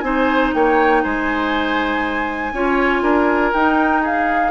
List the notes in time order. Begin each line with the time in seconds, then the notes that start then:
0.00 C4 D#4 C5 G#5
0.54 A#3 C#5 G5
1.03 G#3 C5 G#5
2.53 C#4 F4 C#5
3.02 D4 A#4
3.53 D#4 G5
4.02 G#4 F5